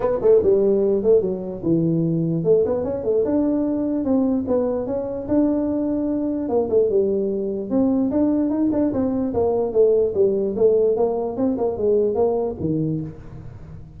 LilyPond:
\new Staff \with { instrumentName = "tuba" } { \time 4/4 \tempo 4 = 148 b8 a8 g4. a8 fis4 | e2 a8 b8 cis'8 a8 | d'2 c'4 b4 | cis'4 d'2. |
ais8 a8 g2 c'4 | d'4 dis'8 d'8 c'4 ais4 | a4 g4 a4 ais4 | c'8 ais8 gis4 ais4 dis4 | }